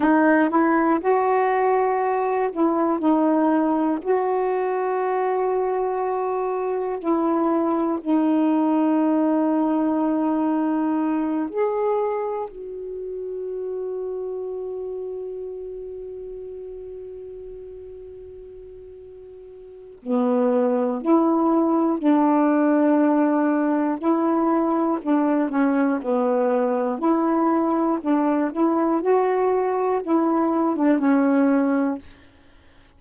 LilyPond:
\new Staff \with { instrumentName = "saxophone" } { \time 4/4 \tempo 4 = 60 dis'8 e'8 fis'4. e'8 dis'4 | fis'2. e'4 | dis'2.~ dis'8 gis'8~ | gis'8 fis'2.~ fis'8~ |
fis'1 | b4 e'4 d'2 | e'4 d'8 cis'8 b4 e'4 | d'8 e'8 fis'4 e'8. d'16 cis'4 | }